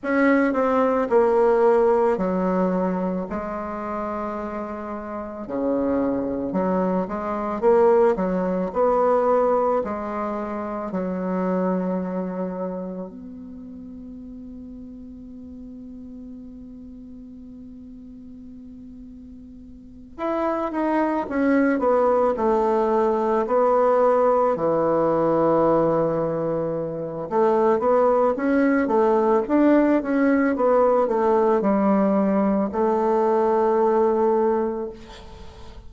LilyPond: \new Staff \with { instrumentName = "bassoon" } { \time 4/4 \tempo 4 = 55 cis'8 c'8 ais4 fis4 gis4~ | gis4 cis4 fis8 gis8 ais8 fis8 | b4 gis4 fis2 | b1~ |
b2~ b8 e'8 dis'8 cis'8 | b8 a4 b4 e4.~ | e4 a8 b8 cis'8 a8 d'8 cis'8 | b8 a8 g4 a2 | }